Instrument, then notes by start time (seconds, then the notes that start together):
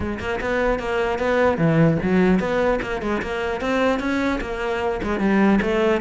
cello
0.00 G#3
0.19 A#3
0.40 B3
0.79 A#3
1.18 B3
1.57 E3
2.02 F#3
2.39 B3
2.81 A#3
3.01 G#3
3.21 A#3
3.61 C4
3.99 C#4
4.41 A#3
5.03 G#3
5.19 G3
5.61 A3